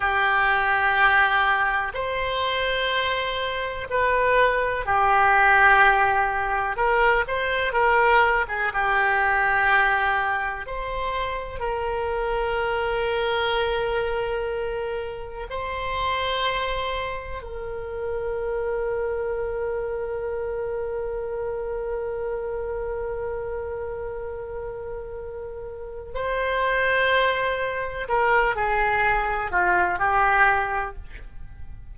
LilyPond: \new Staff \with { instrumentName = "oboe" } { \time 4/4 \tempo 4 = 62 g'2 c''2 | b'4 g'2 ais'8 c''8 | ais'8. gis'16 g'2 c''4 | ais'1 |
c''2 ais'2~ | ais'1~ | ais'2. c''4~ | c''4 ais'8 gis'4 f'8 g'4 | }